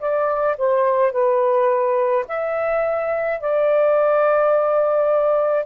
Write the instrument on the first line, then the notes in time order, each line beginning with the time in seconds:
saxophone
0.00 D5
0.58 C5
1.12 B4
2.28 E5
3.41 D5